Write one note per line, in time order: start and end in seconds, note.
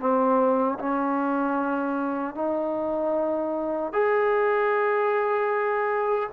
0.00 0.79 C4
0.80 2.35 C#4
2.35 3.93 D#4
3.93 6.30 G#4